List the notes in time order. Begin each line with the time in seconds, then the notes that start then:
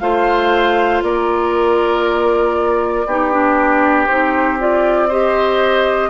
0.00 A3 F4 C5 F5
1.03 A#3 A#4 D5
3.06 B3 D#4 G4
3.32 D4
4.07 C4 D#4 C5
4.58 F4 D5
5.08 G4 C5 D#5